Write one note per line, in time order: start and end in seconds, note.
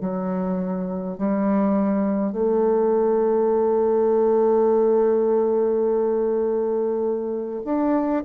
0.00 1.17 F#3
1.17 2.32 G3
2.32 7.61 A3
7.64 8.23 D4